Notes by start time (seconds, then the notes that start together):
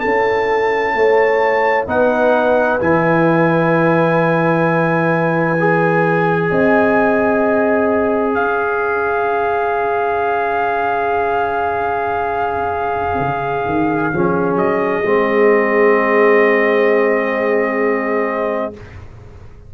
0.00 C#4 E4 A4 A5
0.94 A3 C#5
1.87 B3 D#4 B4 F#5
2.80 E3 E4 G#5
5.59 G#4
6.49 C4 D#5
8.33 C#4 C#5 F5
13.19 C#3
13.65 D#3
14.12 F3 C#4 G#4
14.55 F#3 D#5
15.04 G#3 C4